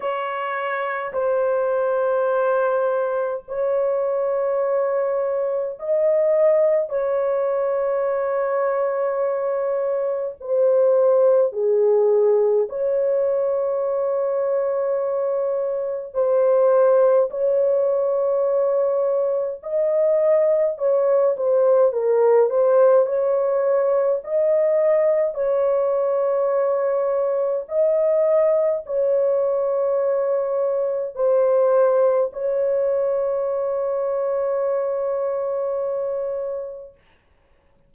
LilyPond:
\new Staff \with { instrumentName = "horn" } { \time 4/4 \tempo 4 = 52 cis''4 c''2 cis''4~ | cis''4 dis''4 cis''2~ | cis''4 c''4 gis'4 cis''4~ | cis''2 c''4 cis''4~ |
cis''4 dis''4 cis''8 c''8 ais'8 c''8 | cis''4 dis''4 cis''2 | dis''4 cis''2 c''4 | cis''1 | }